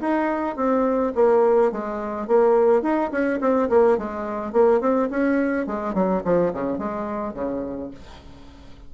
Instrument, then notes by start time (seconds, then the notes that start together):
bassoon
0.00 D#4
0.56 C4
1.15 A#3
1.72 G#3
2.27 A#3
2.82 D#4
3.11 C#4
3.40 C4
3.69 A#3
3.98 G#3
4.53 A#3
4.80 C4
5.10 C#4
5.66 G#3
5.94 F#3
6.24 F3
6.53 C#3
6.78 G#3
7.34 C#3